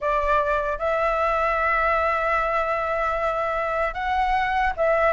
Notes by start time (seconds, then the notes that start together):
0.00 D5
0.78 E5
3.94 F#5
4.77 E5